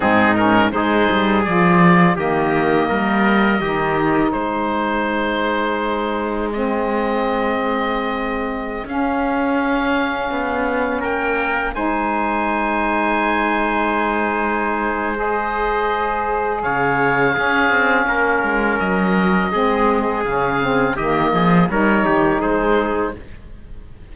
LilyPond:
<<
  \new Staff \with { instrumentName = "oboe" } { \time 4/4 \tempo 4 = 83 gis'8 ais'8 c''4 d''4 dis''4~ | dis''2 c''2~ | c''4 dis''2.~ | dis''16 f''2. g''8.~ |
g''16 gis''2.~ gis''8.~ | gis''4 dis''2 f''4~ | f''2 dis''2 | f''4 dis''4 cis''4 c''4 | }
  \new Staff \with { instrumentName = "trumpet" } { \time 4/4 dis'4 gis'2 g'4 | ais'4 g'4 gis'2~ | gis'1~ | gis'2.~ gis'16 ais'8.~ |
ais'16 c''2.~ c''8.~ | c''2. cis''4 | gis'4 ais'2 gis'4~ | gis'4 g'8 gis'8 ais'8 g'8 gis'4 | }
  \new Staff \with { instrumentName = "saxophone" } { \time 4/4 c'8 cis'8 dis'4 f'4 ais4~ | ais4 dis'2.~ | dis'4 c'2.~ | c'16 cis'2.~ cis'8.~ |
cis'16 dis'2.~ dis'8.~ | dis'4 gis'2. | cis'2. c'4 | cis'8 c'8 ais4 dis'2 | }
  \new Staff \with { instrumentName = "cello" } { \time 4/4 gis,4 gis8 g8 f4 dis4 | g4 dis4 gis2~ | gis1~ | gis16 cis'2 b4 ais8.~ |
ais16 gis2.~ gis8.~ | gis2. cis4 | cis'8 c'8 ais8 gis8 fis4 gis4 | cis4 dis8 f8 g8 dis8 gis4 | }
>>